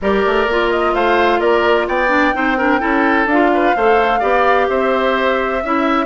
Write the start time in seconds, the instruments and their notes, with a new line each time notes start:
0.01 bassoon G3, clarinet G4, oboe A#4, flute D5
0.25 bassoon A3
0.46 bassoon A#3, clarinet F4
0.70 flute D#5
0.94 bassoon A3, oboe C5, flute F5
1.39 bassoon A#3, oboe A#4, flute D5
1.87 bassoon B3, oboe D5, flute G5
2.08 clarinet D4
2.33 bassoon C4, clarinet D#4, oboe C5
2.57 clarinet D4, oboe A#4
2.79 bassoon C#4, clarinet E4, oboe A4
3.25 bassoon D4, flute F5
3.32 clarinet F4
3.54 oboe B4
3.76 bassoon A3, clarinet A4, oboe C5
4.19 bassoon B3, clarinet G4, oboe D5
4.69 bassoon C4, oboe C5, flute E5
5.63 bassoon C#4, clarinet E4, oboe E5